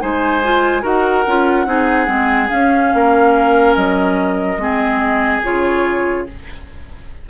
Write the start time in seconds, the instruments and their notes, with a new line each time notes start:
0.00 bassoon G#3, clarinet D#4, oboe C5, flute G#5
0.44 clarinet F4
0.82 bassoon D#4, clarinet F#4, oboe A#4, flute F#5
1.27 bassoon C#4, clarinet F4
1.66 bassoon C4, clarinet D#4, oboe G#4
2.06 bassoon G#3, clarinet C4
2.49 clarinet C#4, bassoon C#4, flute F5
2.94 bassoon A#3, oboe A#4
3.75 bassoon F#3, flute D#5
4.57 bassoon G#3, clarinet C4, oboe G#4
5.43 bassoon C#3, clarinet F4, flute C#5